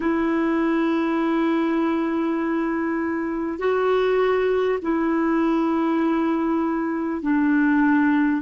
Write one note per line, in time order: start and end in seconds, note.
0.00 3.58 E4
3.58 4.78 F#4
4.82 7.22 E4
7.22 8.42 D4